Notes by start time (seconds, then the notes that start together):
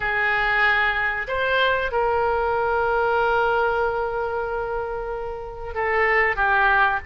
0.00 G#4
1.27 C5
1.91 A#4
5.74 A4
6.35 G4